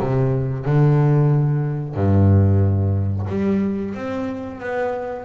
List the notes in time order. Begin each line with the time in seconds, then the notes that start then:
0.00 C3
0.65 D3
1.95 G2
3.29 G3
3.95 C4
4.60 B3